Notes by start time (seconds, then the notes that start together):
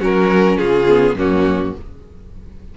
0.00 F#3 C#4 F#4 A#4
0.57 C#3 F4 G#4
0.89 B3
1.15 F#2 A#3 C#4 F#4